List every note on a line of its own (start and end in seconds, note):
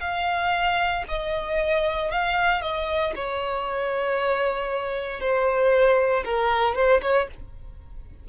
0.00 1.03 F5
1.08 2.11 D#5
2.11 2.61 F5
2.61 3.13 D#5
3.15 5.20 C#5
5.20 6.24 C5
6.24 6.75 A#4
6.75 7.01 C5
7.02 7.27 C#5